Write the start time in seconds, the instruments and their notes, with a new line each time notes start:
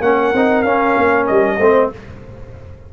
0.00 tuba A#3, trombone C#4, horn A#4, trumpet F#5
0.33 tuba C4, trombone D#4
0.62 tuba C#4, trombone C#4, trumpet F5
0.97 tuba A#3
1.27 tuba G3, trumpet D#5
1.58 tuba A3, trombone C4, horn C5